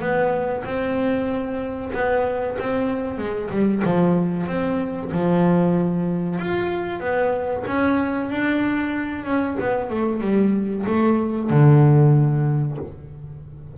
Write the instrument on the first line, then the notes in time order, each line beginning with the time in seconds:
double bass
0.00 B3
0.64 C4
1.93 B3
2.59 C4
3.18 G#3
3.50 G3
3.84 F3
4.47 C4
5.12 F3
6.39 F4
7.00 B3
7.67 C#4
8.29 D4
9.25 C#4
9.60 B3
9.90 A3
10.21 G3
10.86 A3
11.50 D3